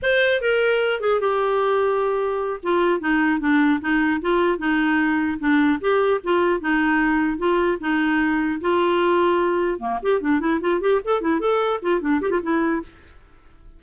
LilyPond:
\new Staff \with { instrumentName = "clarinet" } { \time 4/4 \tempo 4 = 150 c''4 ais'4. gis'8 g'4~ | g'2~ g'8 f'4 dis'8~ | dis'8 d'4 dis'4 f'4 dis'8~ | dis'4. d'4 g'4 f'8~ |
f'8 dis'2 f'4 dis'8~ | dis'4. f'2~ f'8~ | f'8 ais8 g'8 d'8 e'8 f'8 g'8 a'8 | e'8 a'4 f'8 d'8 g'16 f'16 e'4 | }